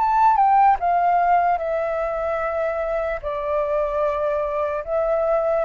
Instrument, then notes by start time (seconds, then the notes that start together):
flute
0.00 A5
0.36 G5
0.80 F5
1.58 E5
3.22 D5
4.85 E5